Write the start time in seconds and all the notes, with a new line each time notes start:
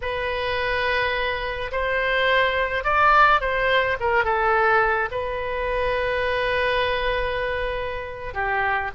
0.01 B4
1.71 C5
2.84 D5
3.40 C5
3.99 A#4
4.24 A4
5.11 B4
8.34 G4